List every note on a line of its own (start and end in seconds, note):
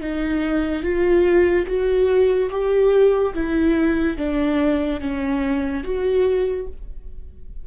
0.00 0.82 D#4
0.82 1.66 F4
1.66 2.49 F#4
2.50 3.33 G4
3.34 4.17 E4
4.17 5.00 D4
5.00 5.83 C#4
5.83 6.67 F#4